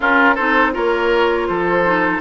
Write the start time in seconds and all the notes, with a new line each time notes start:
0.00 C#4 F4 A#4
0.34 C4 D#4 A4 C5
0.72 A#3 F4 A#4 C#5
1.47 F3 A4 C5
1.85 D#4